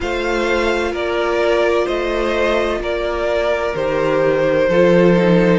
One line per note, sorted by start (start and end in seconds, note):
0.00 0.92 A3
0.00 3.74 F4
0.00 0.92 C5
0.00 0.94 F5
0.92 1.86 A#3
0.92 1.85 A#4
0.92 1.87 D5
1.85 2.79 A3
1.85 2.78 C5
1.85 2.81 D#5
2.79 3.73 A#3
2.79 4.69 A#4
2.79 3.75 D5
3.74 4.68 D#3
3.74 4.69 G4
3.74 5.59 C5
4.68 5.59 F3
4.68 5.16 F4
4.68 5.59 A4
5.16 5.59 D#4